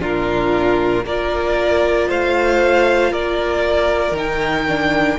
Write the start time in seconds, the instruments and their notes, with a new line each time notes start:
0.00 cello A#2, viola D4, violin F4 A#4
1.05 cello A#3, viola F4, violin A#4 D5
2.08 cello A3, violin C5 F5
3.11 cello A#3, violin A#4 D5
4.11 cello D#3, viola D#4
4.18 violin G5
4.68 viola D4